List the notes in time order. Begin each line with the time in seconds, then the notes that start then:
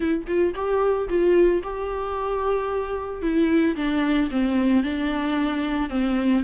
0.00 E4
0.27 F4
0.54 G4
1.09 F4
1.63 G4
3.22 E4
3.75 D4
4.31 C4
4.83 D4
5.89 C4